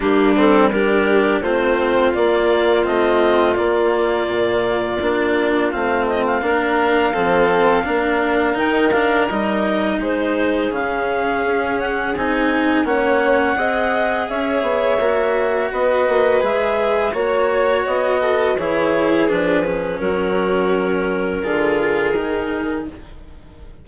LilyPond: <<
  \new Staff \with { instrumentName = "clarinet" } { \time 4/4 \tempo 4 = 84 g'8 a'8 ais'4 c''4 d''4 | dis''4 d''2. | f''8 dis''16 f''2.~ f''16 | g''8 f''8 dis''4 c''4 f''4~ |
f''8 fis''8 gis''4 fis''2 | e''2 dis''4 e''4 | cis''4 dis''4 cis''4 b'4 | ais'1 | }
  \new Staff \with { instrumentName = "violin" } { \time 4/4 d'4 g'4 f'2~ | f'1~ | f'4 ais'4 a'4 ais'4~ | ais'2 gis'2~ |
gis'2 cis''4 dis''4 | cis''2 b'2 | cis''4. a'8 gis'2 | fis'2 gis'2 | }
  \new Staff \with { instrumentName = "cello" } { \time 4/4 ais8 c'8 d'4 c'4 ais4 | c'4 ais2 d'4 | c'4 d'4 c'4 d'4 | dis'8 d'8 dis'2 cis'4~ |
cis'4 dis'4 cis'4 gis'4~ | gis'4 fis'2 gis'4 | fis'2 e'4 d'8 cis'8~ | cis'2 f'4 dis'4 | }
  \new Staff \with { instrumentName = "bassoon" } { \time 4/4 g2 a4 ais4 | a4 ais4 ais,4 ais4 | a4 ais4 f4 ais4 | dis4 g4 gis4 cis4 |
cis'4 c'4 ais4 c'4 | cis'8 b8 ais4 b8 ais8 gis4 | ais4 b4 e4 f4 | fis2 d4 dis4 | }
>>